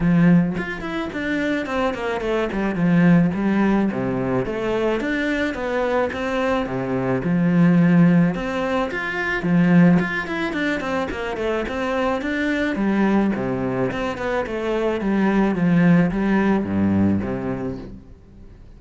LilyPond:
\new Staff \with { instrumentName = "cello" } { \time 4/4 \tempo 4 = 108 f4 f'8 e'8 d'4 c'8 ais8 | a8 g8 f4 g4 c4 | a4 d'4 b4 c'4 | c4 f2 c'4 |
f'4 f4 f'8 e'8 d'8 c'8 | ais8 a8 c'4 d'4 g4 | c4 c'8 b8 a4 g4 | f4 g4 g,4 c4 | }